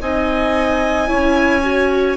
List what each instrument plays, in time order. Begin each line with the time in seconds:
0.00 bassoon C4, viola D#4, clarinet D#5, violin G#5
1.07 bassoon C#4, viola E4, clarinet C#5
1.63 viola F#4